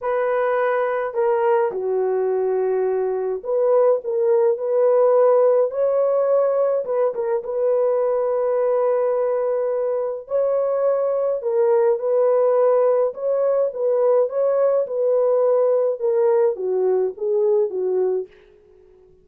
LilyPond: \new Staff \with { instrumentName = "horn" } { \time 4/4 \tempo 4 = 105 b'2 ais'4 fis'4~ | fis'2 b'4 ais'4 | b'2 cis''2 | b'8 ais'8 b'2.~ |
b'2 cis''2 | ais'4 b'2 cis''4 | b'4 cis''4 b'2 | ais'4 fis'4 gis'4 fis'4 | }